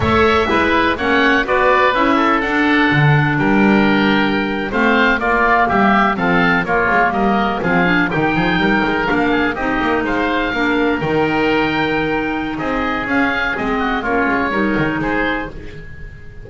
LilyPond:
<<
  \new Staff \with { instrumentName = "oboe" } { \time 4/4 \tempo 4 = 124 e''2 fis''4 d''4 | e''4 fis''2 g''4~ | g''4.~ g''16 f''4 d''4 e''16~ | e''8. f''4 cis''4 dis''4 f''16~ |
f''8. g''2 f''4 dis''16~ | dis''8. f''2 g''4~ g''16~ | g''2 dis''4 f''4 | dis''4 cis''2 c''4 | }
  \new Staff \with { instrumentName = "oboe" } { \time 4/4 cis''4 b'4 cis''4 b'4~ | b'8 a'2~ a'8 ais'4~ | ais'4.~ ais'16 c''4 f'4 g'16~ | g'8. a'4 f'4 ais'4 gis'16~ |
gis'8. g'8 gis'8 ais'4. gis'8 g'16~ | g'8. c''4 ais'2~ ais'16~ | ais'2 gis'2~ | gis'8 fis'8 f'4 ais'4 gis'4 | }
  \new Staff \with { instrumentName = "clarinet" } { \time 4/4 a'4 e'4 cis'4 fis'4 | e'4 d'2.~ | d'4.~ d'16 c'4 ais4~ ais16~ | ais8. c'4 ais2 c'16~ |
c'16 d'8 dis'2 d'4 dis'16~ | dis'4.~ dis'16 d'4 dis'4~ dis'16~ | dis'2. cis'4 | c'4 cis'4 dis'2 | }
  \new Staff \with { instrumentName = "double bass" } { \time 4/4 a4 gis4 ais4 b4 | cis'4 d'4 d4 g4~ | g4.~ g16 a4 ais4 g16~ | g8. f4 ais8 gis8 g4 f16~ |
f8. dis8 f8 g8 gis8 ais4 c'16~ | c'16 ais8 gis4 ais4 dis4~ dis16~ | dis2 c'4 cis'4 | gis4 ais8 gis8 g8 dis8 gis4 | }
>>